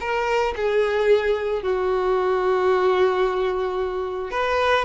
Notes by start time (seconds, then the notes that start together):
0.00 A#4
0.56 G#4
1.62 F#4
4.31 B4